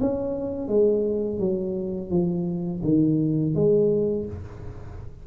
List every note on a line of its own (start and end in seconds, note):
0.00 0.68 C#4
0.68 1.39 G#3
1.39 2.10 F#3
2.10 2.82 F3
2.83 3.55 D#3
3.55 4.26 G#3